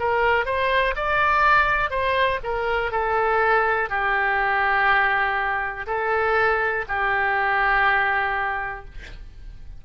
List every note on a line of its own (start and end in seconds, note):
0.00 0.46 A#4
0.46 0.95 C5
0.96 1.91 D5
1.91 2.40 C5
2.44 2.92 A#4
2.92 3.90 A4
3.90 5.87 G4
5.87 6.85 A4
6.89 8.86 G4